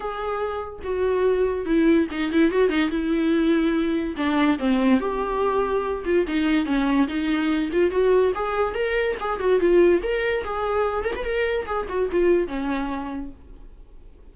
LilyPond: \new Staff \with { instrumentName = "viola" } { \time 4/4 \tempo 4 = 144 gis'2 fis'2 | e'4 dis'8 e'8 fis'8 dis'8 e'4~ | e'2 d'4 c'4 | g'2~ g'8 f'8 dis'4 |
cis'4 dis'4. f'8 fis'4 | gis'4 ais'4 gis'8 fis'8 f'4 | ais'4 gis'4. ais'16 b'16 ais'4 | gis'8 fis'8 f'4 cis'2 | }